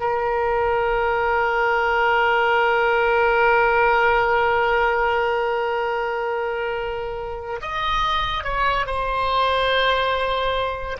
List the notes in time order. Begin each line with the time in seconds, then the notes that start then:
0.00 A#4
7.62 D#5
8.44 C#5
8.86 C5